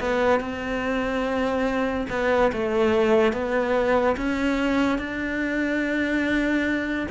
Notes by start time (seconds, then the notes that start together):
0.00 B3
0.40 C4
2.10 B3
2.52 A3
3.33 B3
4.17 C#4
4.98 D4